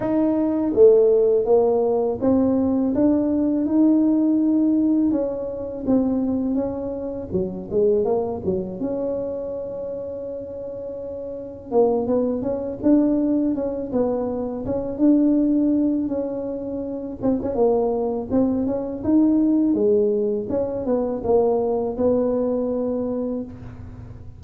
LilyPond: \new Staff \with { instrumentName = "tuba" } { \time 4/4 \tempo 4 = 82 dis'4 a4 ais4 c'4 | d'4 dis'2 cis'4 | c'4 cis'4 fis8 gis8 ais8 fis8 | cis'1 |
ais8 b8 cis'8 d'4 cis'8 b4 | cis'8 d'4. cis'4. c'16 cis'16 | ais4 c'8 cis'8 dis'4 gis4 | cis'8 b8 ais4 b2 | }